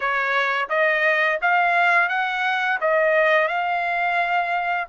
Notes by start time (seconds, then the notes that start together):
0.00 C#5
0.69 D#5
1.41 F5
2.09 F#5
2.80 D#5
3.48 F5